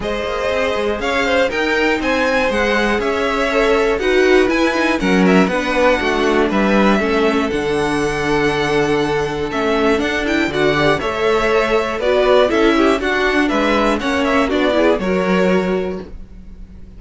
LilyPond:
<<
  \new Staff \with { instrumentName = "violin" } { \time 4/4 \tempo 4 = 120 dis''2 f''4 g''4 | gis''4 fis''4 e''2 | fis''4 gis''4 fis''8 e''8 fis''4~ | fis''4 e''2 fis''4~ |
fis''2. e''4 | fis''8 g''8 fis''4 e''2 | d''4 e''4 fis''4 e''4 | fis''8 e''8 d''4 cis''2 | }
  \new Staff \with { instrumentName = "violin" } { \time 4/4 c''2 cis''8 c''8 ais'4 | c''2 cis''2 | b'2 ais'4 b'4 | fis'4 b'4 a'2~ |
a'1~ | a'4 d''4 cis''2 | b'4 a'8 g'8 fis'4 b'4 | cis''4 fis'8 gis'8 ais'2 | }
  \new Staff \with { instrumentName = "viola" } { \time 4/4 gis'2. dis'4~ | dis'4 gis'2 a'4 | fis'4 e'8 dis'8 cis'4 d'4~ | d'2 cis'4 d'4~ |
d'2. cis'4 | d'8 e'8 fis'8 g'8 a'2 | fis'4 e'4 d'2 | cis'4 d'8 e'8 fis'2 | }
  \new Staff \with { instrumentName = "cello" } { \time 4/4 gis8 ais8 c'8 gis8 cis'4 dis'4 | c'4 gis4 cis'2 | dis'4 e'4 fis4 b4 | a4 g4 a4 d4~ |
d2. a4 | d'4 d4 a2 | b4 cis'4 d'4 gis4 | ais4 b4 fis2 | }
>>